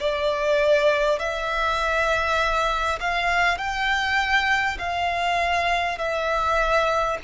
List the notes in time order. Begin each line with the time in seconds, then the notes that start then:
0.00 D5
1.19 E5
3.00 F5
3.58 G5
4.79 F5
5.98 E5